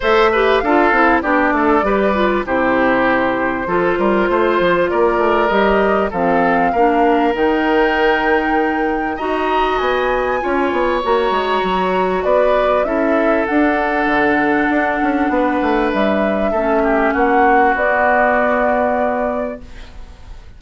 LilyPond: <<
  \new Staff \with { instrumentName = "flute" } { \time 4/4 \tempo 4 = 98 e''4 f''4 d''2 | c''1 | d''4 dis''4 f''2 | g''2. ais''4 |
gis''2 ais''2 | d''4 e''4 fis''2~ | fis''2 e''2 | fis''4 d''2. | }
  \new Staff \with { instrumentName = "oboe" } { \time 4/4 c''8 b'8 a'4 g'8 a'8 b'4 | g'2 a'8 ais'8 c''4 | ais'2 a'4 ais'4~ | ais'2. dis''4~ |
dis''4 cis''2. | b'4 a'2.~ | a'4 b'2 a'8 g'8 | fis'1 | }
  \new Staff \with { instrumentName = "clarinet" } { \time 4/4 a'8 g'8 f'8 e'8 d'4 g'8 f'8 | e'2 f'2~ | f'4 g'4 c'4 d'4 | dis'2. fis'4~ |
fis'4 f'4 fis'2~ | fis'4 e'4 d'2~ | d'2. cis'4~ | cis'4 b2. | }
  \new Staff \with { instrumentName = "bassoon" } { \time 4/4 a4 d'8 c'8 b8 a8 g4 | c2 f8 g8 a8 f8 | ais8 a8 g4 f4 ais4 | dis2. dis'4 |
b4 cis'8 b8 ais8 gis8 fis4 | b4 cis'4 d'4 d4 | d'8 cis'8 b8 a8 g4 a4 | ais4 b2. | }
>>